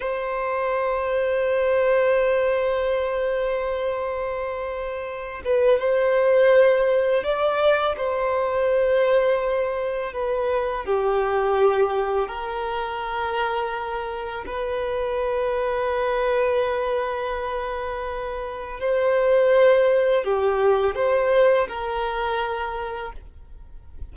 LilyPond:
\new Staff \with { instrumentName = "violin" } { \time 4/4 \tempo 4 = 83 c''1~ | c''2.~ c''8 b'8 | c''2 d''4 c''4~ | c''2 b'4 g'4~ |
g'4 ais'2. | b'1~ | b'2 c''2 | g'4 c''4 ais'2 | }